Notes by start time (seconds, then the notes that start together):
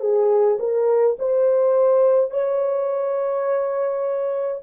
0.00 G#4
0.59 A#4
1.19 C5
2.31 C#5